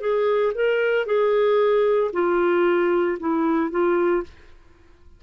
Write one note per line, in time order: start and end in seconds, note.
0.00 0.53 G#4
0.54 1.06 A#4
1.06 2.11 G#4
2.13 3.18 F4
3.20 3.71 E4
3.71 4.23 F4